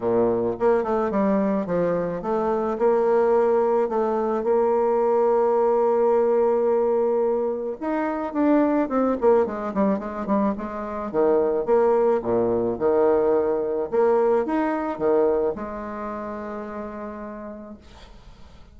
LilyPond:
\new Staff \with { instrumentName = "bassoon" } { \time 4/4 \tempo 4 = 108 ais,4 ais8 a8 g4 f4 | a4 ais2 a4 | ais1~ | ais2 dis'4 d'4 |
c'8 ais8 gis8 g8 gis8 g8 gis4 | dis4 ais4 ais,4 dis4~ | dis4 ais4 dis'4 dis4 | gis1 | }